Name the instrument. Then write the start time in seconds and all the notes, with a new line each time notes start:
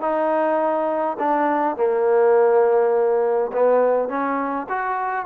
trombone
0.00 D#4
1.19 D4
1.76 A#3
3.52 B3
4.08 C#4
4.69 F#4